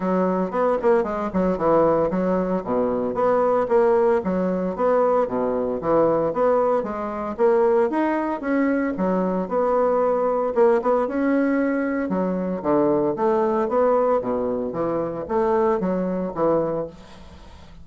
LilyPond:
\new Staff \with { instrumentName = "bassoon" } { \time 4/4 \tempo 4 = 114 fis4 b8 ais8 gis8 fis8 e4 | fis4 b,4 b4 ais4 | fis4 b4 b,4 e4 | b4 gis4 ais4 dis'4 |
cis'4 fis4 b2 | ais8 b8 cis'2 fis4 | d4 a4 b4 b,4 | e4 a4 fis4 e4 | }